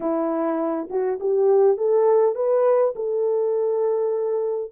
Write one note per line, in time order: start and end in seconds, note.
0.00 0.88 E4
0.90 1.19 F#4
1.20 1.77 G4
1.77 2.35 A4
2.35 2.94 B4
2.95 4.71 A4